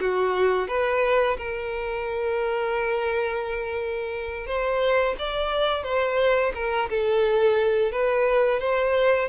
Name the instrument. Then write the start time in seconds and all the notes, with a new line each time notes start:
violin
0.00 F#4
0.68 B4
1.37 A#4
4.46 C5
5.18 D5
5.83 C5
6.55 A#4
6.90 A4
7.92 B4
8.60 C5